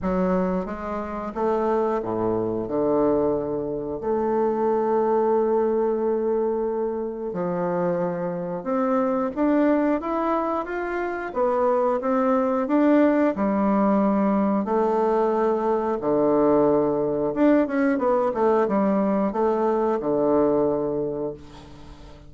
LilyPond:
\new Staff \with { instrumentName = "bassoon" } { \time 4/4 \tempo 4 = 90 fis4 gis4 a4 a,4 | d2 a2~ | a2. f4~ | f4 c'4 d'4 e'4 |
f'4 b4 c'4 d'4 | g2 a2 | d2 d'8 cis'8 b8 a8 | g4 a4 d2 | }